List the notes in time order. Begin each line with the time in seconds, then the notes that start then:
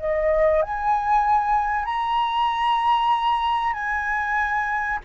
0.00 D#5
0.62 G#5
1.85 A#5
3.73 G#5